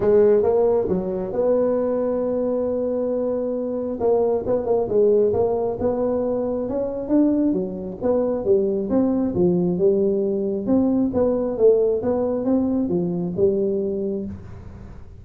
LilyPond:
\new Staff \with { instrumentName = "tuba" } { \time 4/4 \tempo 4 = 135 gis4 ais4 fis4 b4~ | b1~ | b4 ais4 b8 ais8 gis4 | ais4 b2 cis'4 |
d'4 fis4 b4 g4 | c'4 f4 g2 | c'4 b4 a4 b4 | c'4 f4 g2 | }